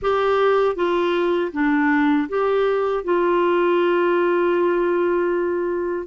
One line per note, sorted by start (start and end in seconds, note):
0.02 0.75 G4
0.75 1.51 F4
1.52 2.28 D4
2.29 3.04 G4
3.04 6.07 F4